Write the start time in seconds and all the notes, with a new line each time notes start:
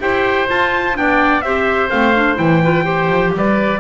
0.00 E4 G4 C5 G5
0.48 F4 A5
0.94 B3 D4 D5 G5
1.42 C4 G4 C5 E5
1.90 A3 C4 F5
2.15 D4
2.35 E3 E4 G5
2.63 F4 B4
2.84 G4 C5
3.08 F3
3.35 G3 B4 D5